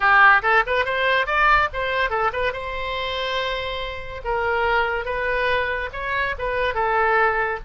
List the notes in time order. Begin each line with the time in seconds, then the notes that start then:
0.00 G4
0.42 A4
0.66 B4
0.85 C5
1.26 D5
1.73 C5
2.10 A4
2.32 B4
2.52 C5
4.24 A#4
5.05 B4
5.93 C#5
6.38 B4
6.74 A4